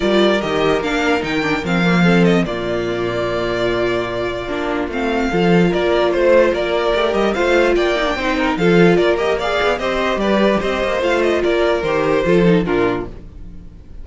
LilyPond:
<<
  \new Staff \with { instrumentName = "violin" } { \time 4/4 \tempo 4 = 147 d''4 dis''4 f''4 g''4 | f''4. dis''8 d''2~ | d''1 | f''2 d''4 c''4 |
d''4. dis''8 f''4 g''4~ | g''4 f''4 d''8 dis''8 f''4 | dis''4 d''4 dis''4 f''8 dis''8 | d''4 c''2 ais'4 | }
  \new Staff \with { instrumentName = "violin" } { \time 4/4 ais'1~ | ais'4 a'4 f'2~ | f'1~ | f'4 a'4 ais'4 c''4 |
ais'2 c''4 d''4 | c''8 ais'8 a'4 ais'4 d''4 | c''4 b'4 c''2 | ais'2 a'4 f'4 | }
  \new Staff \with { instrumentName = "viola" } { \time 4/4 f'4 g'4 d'4 dis'8 d'8 | c'8 ais8 c'4 ais2~ | ais2. d'4 | c'4 f'2.~ |
f'4 g'4 f'4. dis'16 d'16 | dis'4 f'4. g'8 gis'4 | g'2. f'4~ | f'4 g'4 f'8 dis'8 d'4 | }
  \new Staff \with { instrumentName = "cello" } { \time 4/4 g4 dis4 ais4 dis4 | f2 ais,2~ | ais,2. ais4 | a4 f4 ais4 a4 |
ais4 a8 g8 a4 ais4 | c'4 f4 ais4. b8 | c'4 g4 c'8 ais8 a4 | ais4 dis4 f4 ais,4 | }
>>